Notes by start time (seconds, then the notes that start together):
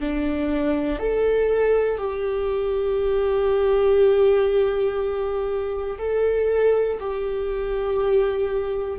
0.00 D4
1.00 A4
1.98 G4
5.99 A4
7.00 G4